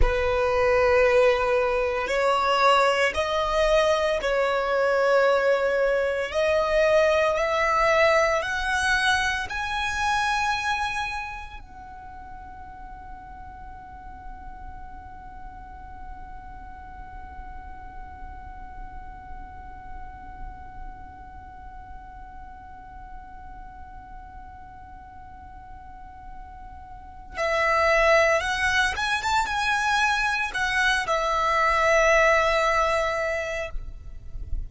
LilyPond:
\new Staff \with { instrumentName = "violin" } { \time 4/4 \tempo 4 = 57 b'2 cis''4 dis''4 | cis''2 dis''4 e''4 | fis''4 gis''2 fis''4~ | fis''1~ |
fis''1~ | fis''1~ | fis''2 e''4 fis''8 gis''16 a''16 | gis''4 fis''8 e''2~ e''8 | }